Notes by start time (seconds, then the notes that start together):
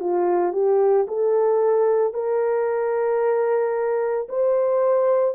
0.00 F4
0.53 G4
1.08 A4
2.13 A#4
4.29 C5